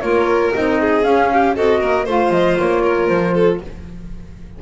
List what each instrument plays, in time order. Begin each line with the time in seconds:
0.00 double bass A#3, clarinet F4, violin A#4, flute C#5
0.53 double bass C4, clarinet D#4, flute D#5
0.80 violin G#4
1.02 clarinet C#4, double bass C#4, flute F5
1.33 violin G4
1.54 double bass C4, clarinet F#4, violin A4, flute D#5
1.80 double bass A#3, violin A#4
2.05 double bass A3, clarinet F4, violin C5, flute F5
2.30 double bass F3, flute D#5
2.58 double bass A#3, flute C#5
2.82 violin A#4
3.07 double bass F3, flute C5
3.34 violin A4